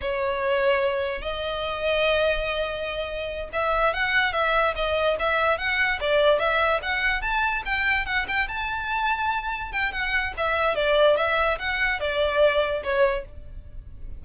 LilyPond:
\new Staff \with { instrumentName = "violin" } { \time 4/4 \tempo 4 = 145 cis''2. dis''4~ | dis''1~ | dis''8 e''4 fis''4 e''4 dis''8~ | dis''8 e''4 fis''4 d''4 e''8~ |
e''8 fis''4 a''4 g''4 fis''8 | g''8 a''2. g''8 | fis''4 e''4 d''4 e''4 | fis''4 d''2 cis''4 | }